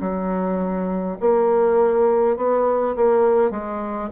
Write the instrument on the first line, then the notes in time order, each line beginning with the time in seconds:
bassoon
0.00 F#3
1.20 A#3
2.36 B3
2.95 A#3
3.50 G#3